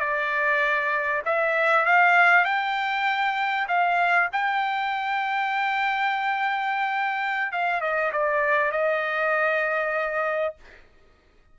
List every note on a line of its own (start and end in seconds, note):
0.00 1.22 D5
1.26 1.86 E5
1.86 2.45 F5
2.45 3.67 G5
3.68 4.29 F5
4.32 7.52 G5
7.52 7.81 F5
7.81 8.12 D#5
8.13 8.72 D5
8.72 10.56 D#5